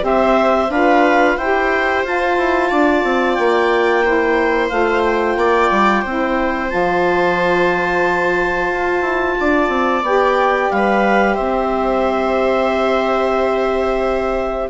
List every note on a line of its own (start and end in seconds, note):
0.00 0.69 C4
0.00 0.67 G4
0.00 0.71 C5
0.00 0.71 E5
0.69 1.35 D4
0.69 1.38 F4
0.69 1.38 B4
0.69 1.37 F5
1.37 2.03 E4
1.37 2.05 G4
1.37 2.69 C5
1.37 2.04 G5
2.03 2.37 F4
2.03 4.04 F4
2.03 3.34 A5
2.37 2.70 E4
2.69 3.03 D4
2.69 4.02 D5
3.03 3.37 C4
3.34 4.71 A#3
3.34 4.67 G5
4.04 4.70 E4
4.04 5.38 C5
4.68 5.36 A3
4.68 6.03 F4
4.68 5.02 F5
5.04 6.70 G5
5.36 5.69 A#3
5.36 6.02 D5
5.70 6.04 G3
6.02 6.72 C4
6.02 6.68 E4
6.02 9.35 C5
6.68 8.71 F3
6.68 10.02 F4
6.68 10.03 A5
8.71 9.01 F4
9.01 9.34 E4
9.40 9.68 D4
9.40 10.72 D5
9.68 10.02 C4
10.02 10.69 B3
10.02 14.69 G4
10.02 10.70 G5
10.70 11.37 G3
10.70 11.34 B4
10.70 11.35 F5
11.34 14.69 C4
11.34 14.67 C5
11.34 14.68 E5